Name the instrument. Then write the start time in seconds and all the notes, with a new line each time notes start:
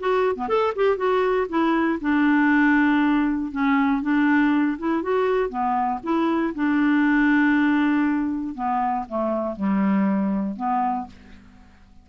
clarinet
0.00 F#4
0.36 B3
0.49 A4
0.76 G4
0.97 F#4
1.49 E4
2.01 D4
3.52 C#4
4.02 D4
4.79 E4
5.03 F#4
5.50 B3
6.03 E4
6.55 D4
8.55 B3
9.09 A3
9.56 G3
10.57 B3